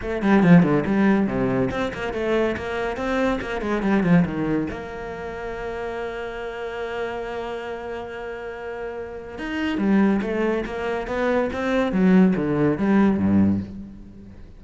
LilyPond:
\new Staff \with { instrumentName = "cello" } { \time 4/4 \tempo 4 = 141 a8 g8 f8 d8 g4 c4 | c'8 ais8 a4 ais4 c'4 | ais8 gis8 g8 f8 dis4 ais4~ | ais1~ |
ais1~ | ais2 dis'4 g4 | a4 ais4 b4 c'4 | fis4 d4 g4 g,4 | }